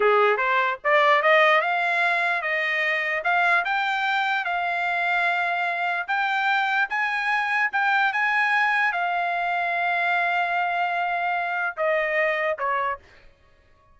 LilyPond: \new Staff \with { instrumentName = "trumpet" } { \time 4/4 \tempo 4 = 148 gis'4 c''4 d''4 dis''4 | f''2 dis''2 | f''4 g''2 f''4~ | f''2. g''4~ |
g''4 gis''2 g''4 | gis''2 f''2~ | f''1~ | f''4 dis''2 cis''4 | }